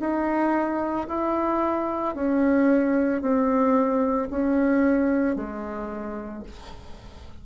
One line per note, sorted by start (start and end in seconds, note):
0.00 1.07 D#4
1.08 2.15 E4
2.15 3.21 C#4
3.21 4.28 C4
4.30 5.36 C#4
5.36 6.43 G#3